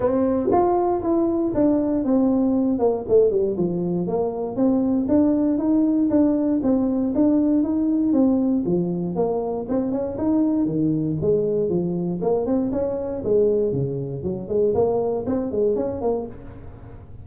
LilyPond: \new Staff \with { instrumentName = "tuba" } { \time 4/4 \tempo 4 = 118 c'4 f'4 e'4 d'4 | c'4. ais8 a8 g8 f4 | ais4 c'4 d'4 dis'4 | d'4 c'4 d'4 dis'4 |
c'4 f4 ais4 c'8 cis'8 | dis'4 dis4 gis4 f4 | ais8 c'8 cis'4 gis4 cis4 | fis8 gis8 ais4 c'8 gis8 cis'8 ais8 | }